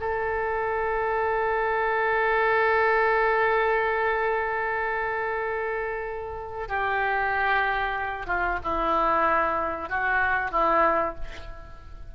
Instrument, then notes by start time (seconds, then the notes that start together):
oboe
0.00 A4
6.68 G4
8.26 F4
8.63 E4
9.89 F#4
10.51 E4